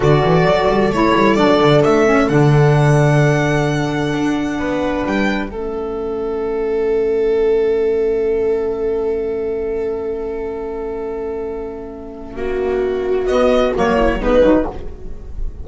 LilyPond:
<<
  \new Staff \with { instrumentName = "violin" } { \time 4/4 \tempo 4 = 131 d''2 cis''4 d''4 | e''4 fis''2.~ | fis''2. g''4 | e''1~ |
e''1~ | e''1~ | e''1~ | e''4 dis''4 cis''4 b'4 | }
  \new Staff \with { instrumentName = "viola" } { \time 4/4 a'1~ | a'1~ | a'2 b'2 | a'1~ |
a'1~ | a'1~ | a'2. fis'4~ | fis'2~ fis'8 e'8 dis'4 | }
  \new Staff \with { instrumentName = "saxophone" } { \time 4/4 fis'2 e'4 d'4~ | d'8 cis'8 d'2.~ | d'1 | cis'1~ |
cis'1~ | cis'1~ | cis'1~ | cis'4 b4 ais4 b8 dis'8 | }
  \new Staff \with { instrumentName = "double bass" } { \time 4/4 d8 e8 fis8 g8 a8 g8 fis8 d8 | a4 d2.~ | d4 d'4 b4 g4 | a1~ |
a1~ | a1~ | a2. ais4~ | ais4 b4 fis4 gis8 fis8 | }
>>